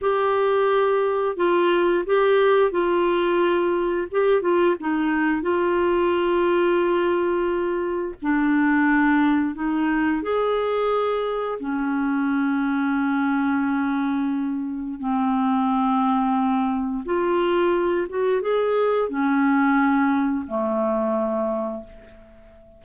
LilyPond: \new Staff \with { instrumentName = "clarinet" } { \time 4/4 \tempo 4 = 88 g'2 f'4 g'4 | f'2 g'8 f'8 dis'4 | f'1 | d'2 dis'4 gis'4~ |
gis'4 cis'2.~ | cis'2 c'2~ | c'4 f'4. fis'8 gis'4 | cis'2 a2 | }